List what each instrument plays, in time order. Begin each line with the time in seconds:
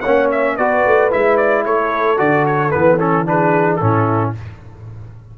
0.00 tuba A#3, trombone C#4, horn C#5, trumpet F#5
0.31 trumpet E5
0.56 tuba B3, trombone F#4, horn B4, trumpet D5
0.85 tuba A3
1.10 tuba G#3, trombone E4, trumpet E5
1.36 trumpet D5
1.65 tuba A3, horn A4, trumpet C#5
2.17 tuba D3, trombone F#4, trumpet D5
2.46 trumpet C#5
2.70 tuba E3, trombone B3, trumpet B4
2.98 trombone C#4, trumpet A4
3.25 trombone D4, horn G#4, trumpet B4
3.76 tuba A2, trombone C#4, trumpet A4
3.84 horn E4